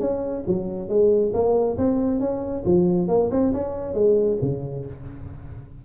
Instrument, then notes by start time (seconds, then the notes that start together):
tuba
0.00 C#4
0.47 F#3
0.89 G#3
1.34 A#3
1.78 C4
2.20 C#4
2.65 F3
3.08 A#3
3.31 C4
3.53 C#4
3.94 G#3
4.42 C#3